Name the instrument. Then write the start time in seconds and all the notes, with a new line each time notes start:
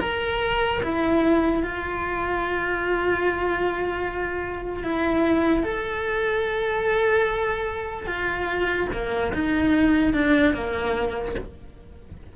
cello
0.00 A#4
0.82 E4
1.63 F4
4.83 E4
5.63 A4
8.06 F4
8.92 A#3
9.33 D#4
10.13 D4
10.53 A#3